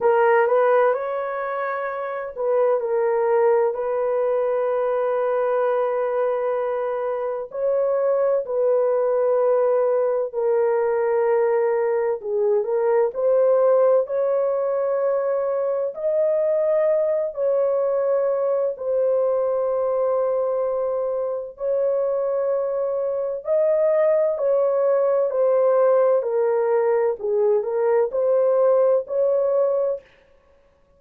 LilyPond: \new Staff \with { instrumentName = "horn" } { \time 4/4 \tempo 4 = 64 ais'8 b'8 cis''4. b'8 ais'4 | b'1 | cis''4 b'2 ais'4~ | ais'4 gis'8 ais'8 c''4 cis''4~ |
cis''4 dis''4. cis''4. | c''2. cis''4~ | cis''4 dis''4 cis''4 c''4 | ais'4 gis'8 ais'8 c''4 cis''4 | }